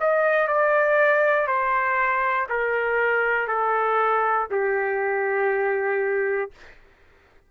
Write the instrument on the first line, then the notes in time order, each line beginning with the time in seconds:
trumpet
0.00 D#5
0.47 D5
1.47 C5
2.49 A#4
3.47 A4
4.51 G4